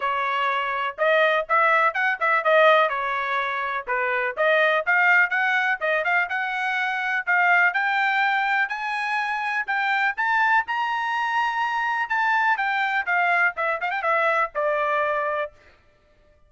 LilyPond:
\new Staff \with { instrumentName = "trumpet" } { \time 4/4 \tempo 4 = 124 cis''2 dis''4 e''4 | fis''8 e''8 dis''4 cis''2 | b'4 dis''4 f''4 fis''4 | dis''8 f''8 fis''2 f''4 |
g''2 gis''2 | g''4 a''4 ais''2~ | ais''4 a''4 g''4 f''4 | e''8 f''16 g''16 e''4 d''2 | }